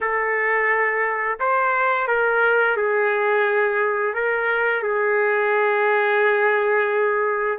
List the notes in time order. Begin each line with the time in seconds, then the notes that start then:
0.00 A4
1.39 C5
2.07 A#4
2.76 G#4
4.14 A#4
4.82 G#4